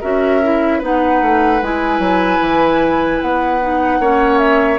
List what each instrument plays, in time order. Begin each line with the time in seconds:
0.00 bassoon C#4, clarinet F#4, oboe A#4, flute E5
0.43 clarinet E4
0.78 bassoon B3, clarinet D#4, oboe B4, flute F#5
1.21 bassoon A3
1.62 bassoon G#3, clarinet E4, flute G#5
1.99 bassoon F#3
2.41 bassoon E3
3.21 bassoon B3, flute F#5
3.61 clarinet D#4
3.99 bassoon A#3, clarinet C#4, oboe C#5
4.38 flute E5